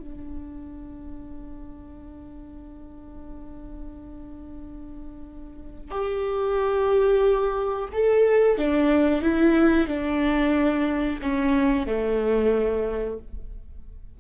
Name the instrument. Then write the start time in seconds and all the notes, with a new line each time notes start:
viola
0.00 D4
5.91 G4
7.93 A4
8.58 D4
9.22 E4
9.88 D4
11.22 C#4
11.87 A3